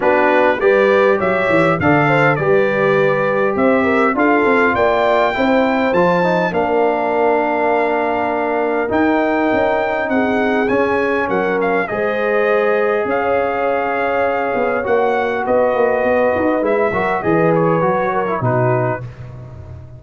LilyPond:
<<
  \new Staff \with { instrumentName = "trumpet" } { \time 4/4 \tempo 4 = 101 b'4 d''4 e''4 f''4 | d''2 e''4 f''4 | g''2 a''4 f''4~ | f''2. g''4~ |
g''4 fis''4 gis''4 fis''8 f''8 | dis''2 f''2~ | f''4 fis''4 dis''2 | e''4 dis''8 cis''4. b'4 | }
  \new Staff \with { instrumentName = "horn" } { \time 4/4 fis'4 b'4 cis''4 d''8 c''8 | b'2 c''8 ais'8 a'4 | d''4 c''2 ais'4~ | ais'1~ |
ais'4 gis'2 ais'4 | c''2 cis''2~ | cis''2 b'2~ | b'8 ais'8 b'4. ais'8 fis'4 | }
  \new Staff \with { instrumentName = "trombone" } { \time 4/4 d'4 g'2 a'4 | g'2. f'4~ | f'4 e'4 f'8 dis'8 d'4~ | d'2. dis'4~ |
dis'2 cis'2 | gis'1~ | gis'4 fis'2. | e'8 fis'8 gis'4 fis'8. e'16 dis'4 | }
  \new Staff \with { instrumentName = "tuba" } { \time 4/4 b4 g4 fis8 e8 d4 | g2 c'4 d'8 c'8 | ais4 c'4 f4 ais4~ | ais2. dis'4 |
cis'4 c'4 cis'4 fis4 | gis2 cis'2~ | cis'8 b8 ais4 b8 ais8 b8 dis'8 | gis8 fis8 e4 fis4 b,4 | }
>>